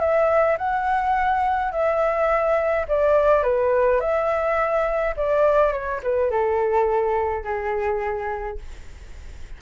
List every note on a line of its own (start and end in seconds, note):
0.00 0.57 E5
0.58 1.72 F#5
1.72 2.86 E5
2.88 3.43 D5
3.43 4.00 B4
4.00 5.15 E5
5.17 5.72 D5
5.72 6.01 C#5
6.03 6.31 B4
6.31 7.44 A4
7.44 8.58 G#4